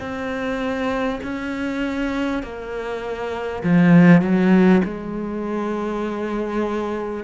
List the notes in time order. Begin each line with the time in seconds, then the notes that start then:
0.00 C4
1.24 C#4
2.43 A#3
3.63 F3
4.22 F#3
4.85 G#3